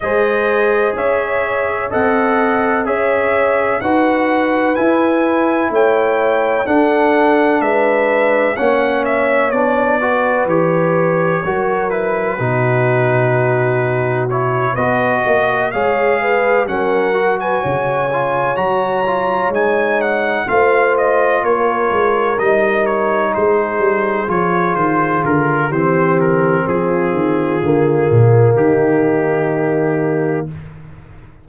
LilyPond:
<<
  \new Staff \with { instrumentName = "trumpet" } { \time 4/4 \tempo 4 = 63 dis''4 e''4 fis''4 e''4 | fis''4 gis''4 g''4 fis''4 | e''4 fis''8 e''8 d''4 cis''4~ | cis''8 b'2~ b'8 cis''8 dis''8~ |
dis''8 f''4 fis''8. gis''4~ gis''16 ais''8~ | ais''8 gis''8 fis''8 f''8 dis''8 cis''4 dis''8 | cis''8 c''4 cis''8 c''8 ais'8 c''8 ais'8 | gis'2 g'2 | }
  \new Staff \with { instrumentName = "horn" } { \time 4/4 c''4 cis''4 dis''4 cis''4 | b'2 cis''4 a'4 | b'4 cis''4. b'4. | ais'4 fis'2~ fis'8 b'8 |
dis''8 cis''8 b'8 ais'8. b'16 cis''4.~ | cis''4. c''4 ais'4.~ | ais'8 gis'2~ gis'8 g'4 | f'2 dis'2 | }
  \new Staff \with { instrumentName = "trombone" } { \time 4/4 gis'2 a'4 gis'4 | fis'4 e'2 d'4~ | d'4 cis'4 d'8 fis'8 g'4 | fis'8 e'8 dis'2 e'8 fis'8~ |
fis'8 gis'4 cis'8 fis'4 f'8 fis'8 | f'8 dis'4 f'2 dis'8~ | dis'4. f'4. c'4~ | c'4 ais2. | }
  \new Staff \with { instrumentName = "tuba" } { \time 4/4 gis4 cis'4 c'4 cis'4 | dis'4 e'4 a4 d'4 | gis4 ais4 b4 e4 | fis4 b,2~ b,8 b8 |
ais8 gis4 fis4 cis4 fis8~ | fis8 gis4 a4 ais8 gis8 g8~ | g8 gis8 g8 f8 dis8 d8 e4 | f8 dis8 d8 ais,8 dis2 | }
>>